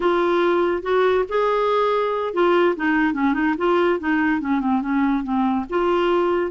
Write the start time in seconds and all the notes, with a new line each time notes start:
0.00 F4
0.82 F#4
1.28 G#4
2.33 F4
2.76 D#4
3.13 C#4
3.33 D#4
3.57 F4
3.99 D#4
4.40 C#4
4.60 C4
4.81 C#4
5.23 C4
5.69 F4